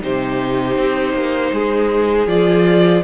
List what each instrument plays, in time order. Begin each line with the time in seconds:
0.00 cello C3, viola D#4, violin G4 C5
0.77 cello C4
1.13 cello A#3
1.52 cello G#3, violin G#4
2.26 cello F3, viola F4, violin D5